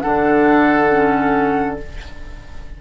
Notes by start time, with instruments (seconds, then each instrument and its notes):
0.00 bassoon D3, clarinet D4, oboe A4, flute F#5
0.89 clarinet C#4